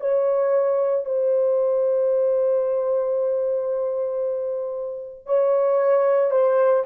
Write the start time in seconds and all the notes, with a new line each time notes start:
0.00 C#5
1.05 C5
5.26 C#5
6.31 C5